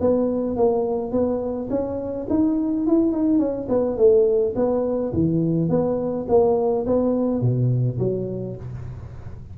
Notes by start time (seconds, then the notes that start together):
0.00 B3
0.56 A#3
1.11 B3
1.70 C#4
2.29 D#4
2.86 E4
3.12 D#4
3.39 C#4
3.69 B3
3.97 A3
4.55 B3
5.13 E3
5.69 B3
6.28 A#3
6.86 B3
7.41 B2
7.99 F#3